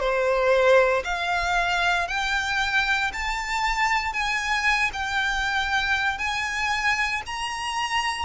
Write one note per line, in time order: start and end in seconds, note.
0.00 1.03 C5
1.05 2.08 F5
2.08 3.12 G5
3.14 4.13 A5
4.13 4.91 G#5
4.93 6.18 G5
6.18 7.22 G#5
7.27 8.26 A#5